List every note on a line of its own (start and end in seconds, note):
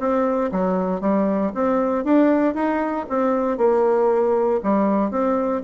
0.00 0.51 C4
0.52 1.01 F#3
1.01 1.52 G3
1.55 2.05 C4
2.05 2.55 D4
2.55 3.06 D#4
3.10 3.58 C4
3.58 4.61 A#3
4.64 5.11 G3
5.11 5.63 C4